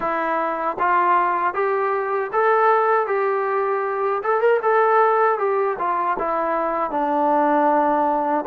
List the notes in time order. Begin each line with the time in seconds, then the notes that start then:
0.00 E4
0.79 F4
1.53 G4
2.32 A4
3.06 G4
4.23 A4
4.41 A#4
4.62 A4
5.38 G4
5.78 F4
6.19 E4
6.90 D4